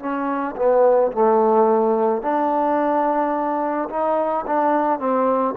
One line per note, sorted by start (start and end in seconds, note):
0.00 0.56 C#4
0.56 1.12 B3
1.12 2.22 A3
2.22 3.89 D4
3.90 4.45 D#4
4.46 4.99 D4
4.99 5.55 C4